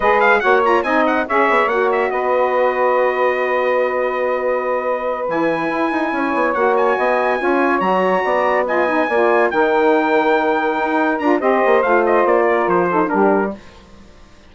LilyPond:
<<
  \new Staff \with { instrumentName = "trumpet" } { \time 4/4 \tempo 4 = 142 dis''8 f''8 fis''8 ais''8 gis''8 fis''8 e''4 | fis''8 e''8 dis''2.~ | dis''1~ | dis''8 gis''2. fis''8 |
gis''2~ gis''8 ais''4.~ | ais''8 gis''2 g''4.~ | g''2~ g''8 ais''8 dis''4 | f''8 dis''8 d''4 c''4 ais'4 | }
  \new Staff \with { instrumentName = "saxophone" } { \time 4/4 b'4 cis''4 dis''4 cis''4~ | cis''4 b'2.~ | b'1~ | b'2~ b'8 cis''4.~ |
cis''8 dis''4 cis''2 d''8~ | d''8 dis''4 d''4 ais'4.~ | ais'2. c''4~ | c''4. ais'4 a'8 g'4 | }
  \new Staff \with { instrumentName = "saxophone" } { \time 4/4 gis'4 fis'8 f'8 dis'4 gis'4 | fis'1~ | fis'1~ | fis'8 e'2. fis'8~ |
fis'4. f'4 fis'4.~ | fis'8 f'8 dis'8 f'4 dis'4.~ | dis'2~ dis'8 f'8 g'4 | f'2~ f'8 dis'8 d'4 | }
  \new Staff \with { instrumentName = "bassoon" } { \time 4/4 gis4 ais4 c'4 cis'8 b8 | ais4 b2.~ | b1~ | b8 e4 e'8 dis'8 cis'8 b8 ais8~ |
ais8 b4 cis'4 fis4 b8~ | b4. ais4 dis4.~ | dis4. dis'4 d'8 c'8 ais8 | a4 ais4 f4 g4 | }
>>